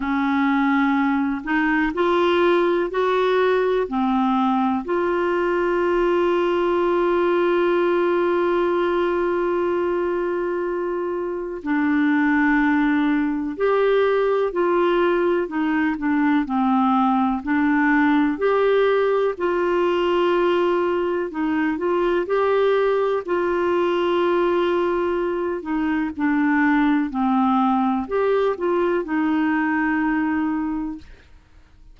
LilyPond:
\new Staff \with { instrumentName = "clarinet" } { \time 4/4 \tempo 4 = 62 cis'4. dis'8 f'4 fis'4 | c'4 f'2.~ | f'1 | d'2 g'4 f'4 |
dis'8 d'8 c'4 d'4 g'4 | f'2 dis'8 f'8 g'4 | f'2~ f'8 dis'8 d'4 | c'4 g'8 f'8 dis'2 | }